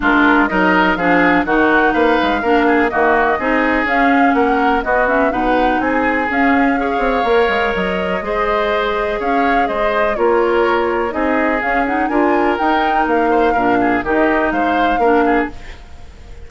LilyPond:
<<
  \new Staff \with { instrumentName = "flute" } { \time 4/4 \tempo 4 = 124 ais'4 dis''4 f''4 fis''4 | f''2 dis''2 | f''4 fis''4 dis''8 e''8 fis''4 | gis''4 f''2. |
dis''2. f''4 | dis''4 cis''2 dis''4 | f''8 fis''8 gis''4 g''4 f''4~ | f''4 dis''4 f''2 | }
  \new Staff \with { instrumentName = "oboe" } { \time 4/4 f'4 ais'4 gis'4 fis'4 | b'4 ais'8 gis'8 fis'4 gis'4~ | gis'4 ais'4 fis'4 b'4 | gis'2 cis''2~ |
cis''4 c''2 cis''4 | c''4 ais'2 gis'4~ | gis'4 ais'2~ ais'8 c''8 | ais'8 gis'8 g'4 c''4 ais'8 gis'8 | }
  \new Staff \with { instrumentName = "clarinet" } { \time 4/4 d'4 dis'4 d'4 dis'4~ | dis'4 d'4 ais4 dis'4 | cis'2 b8 cis'8 dis'4~ | dis'4 cis'4 gis'4 ais'4~ |
ais'4 gis'2.~ | gis'4 f'2 dis'4 | cis'8 dis'8 f'4 dis'2 | d'4 dis'2 d'4 | }
  \new Staff \with { instrumentName = "bassoon" } { \time 4/4 gis4 fis4 f4 dis4 | ais8 gis8 ais4 dis4 c'4 | cis'4 ais4 b4 b,4 | c'4 cis'4. c'8 ais8 gis8 |
fis4 gis2 cis'4 | gis4 ais2 c'4 | cis'4 d'4 dis'4 ais4 | ais,4 dis4 gis4 ais4 | }
>>